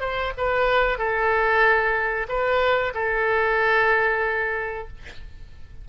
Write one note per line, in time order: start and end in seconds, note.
0.00 0.32 C5
0.38 0.98 B4
0.98 2.27 A4
2.28 2.93 B4
2.94 4.88 A4